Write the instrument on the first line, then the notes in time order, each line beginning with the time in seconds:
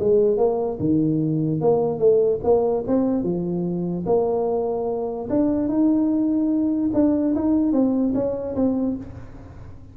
tuba
0.00 G#3
0.38 A#3
0.80 D#3
1.61 A#3
1.99 A3
2.44 A#3
2.87 C4
3.24 F3
4.06 A#3
5.30 D4
5.68 D#4
6.94 D4
7.36 D#4
7.73 C4
8.15 C#4
8.56 C4